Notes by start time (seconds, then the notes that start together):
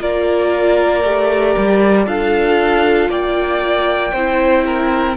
0.00 A#3 F4 A#4 D5
1.04 A3 G4
1.57 G3
2.06 D4 F4 A4 F5
3.09 A#3 D5 G5
4.12 C4 E4 C5
4.66 A#4